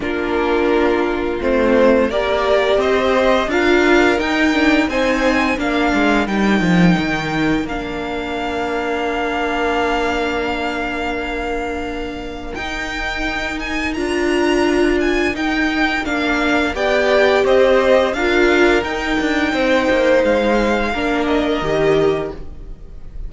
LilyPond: <<
  \new Staff \with { instrumentName = "violin" } { \time 4/4 \tempo 4 = 86 ais'2 c''4 d''4 | dis''4 f''4 g''4 gis''4 | f''4 g''2 f''4~ | f''1~ |
f''2 g''4. gis''8 | ais''4. gis''8 g''4 f''4 | g''4 dis''4 f''4 g''4~ | g''4 f''4. dis''4. | }
  \new Staff \with { instrumentName = "violin" } { \time 4/4 f'2. ais'4 | c''4 ais'2 c''4 | ais'1~ | ais'1~ |
ais'1~ | ais'1 | d''4 c''4 ais'2 | c''2 ais'2 | }
  \new Staff \with { instrumentName = "viola" } { \time 4/4 d'2 c'4 g'4~ | g'4 f'4 dis'8 d'8 dis'4 | d'4 dis'2 d'4~ | d'1~ |
d'2 dis'2 | f'2 dis'4 d'4 | g'2 f'4 dis'4~ | dis'2 d'4 g'4 | }
  \new Staff \with { instrumentName = "cello" } { \time 4/4 ais2 a4 ais4 | c'4 d'4 dis'4 c'4 | ais8 gis8 g8 f8 dis4 ais4~ | ais1~ |
ais2 dis'2 | d'2 dis'4 ais4 | b4 c'4 d'4 dis'8 d'8 | c'8 ais8 gis4 ais4 dis4 | }
>>